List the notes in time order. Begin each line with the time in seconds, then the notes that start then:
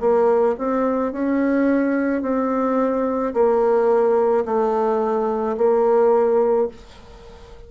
0.00 A#3
0.58 C4
1.13 C#4
2.22 C4
3.34 A#3
4.45 A3
5.57 A#3